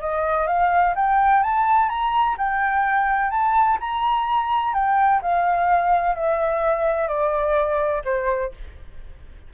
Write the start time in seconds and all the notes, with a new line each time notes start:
0.00 D#5
0.46 F5
0.95 G5
1.42 A5
1.89 A#5
2.37 G5
3.30 A5
3.80 A#5
4.74 G5
5.21 F5
6.15 E5
7.07 D5
8.04 C5